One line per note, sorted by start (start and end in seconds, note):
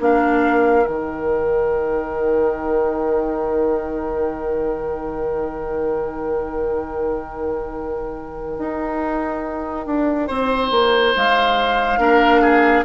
0.00 0.86 A#3
0.00 0.85 D4
0.00 10.28 A#4
0.00 0.86 F5
0.85 8.58 D#3
0.85 11.99 D#4
0.85 11.15 G5
8.58 9.87 D#4
9.87 10.29 D4
10.28 10.71 C4
10.28 11.99 C5
10.71 11.14 A#3
11.16 11.98 G#3
11.16 12.85 F5
11.98 12.84 A#3
11.98 12.84 D4
11.98 12.42 A#4
12.42 12.85 G#4